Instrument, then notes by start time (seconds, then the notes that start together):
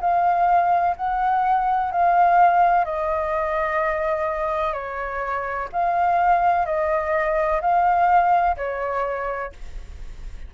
flute
0.00 F5
0.97 F#5
1.91 F5
2.85 D#5
4.73 C#5
5.72 F5
6.66 D#5
7.61 F5
8.57 C#5